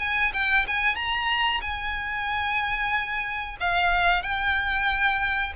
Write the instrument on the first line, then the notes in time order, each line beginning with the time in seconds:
violin
0.00 G#5
0.34 G5
0.68 G#5
0.96 A#5
1.62 G#5
3.60 F5
4.23 G5